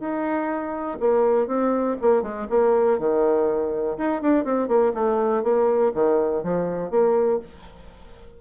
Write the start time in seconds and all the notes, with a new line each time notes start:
0.00 D#4
1.00 A#3
1.47 C4
2.01 A#3
2.22 G#3
2.49 A#3
2.99 D#3
3.98 D#4
4.22 D4
4.45 C4
4.68 A#3
4.94 A3
5.43 A#3
5.94 D#3
6.43 F3
6.91 A#3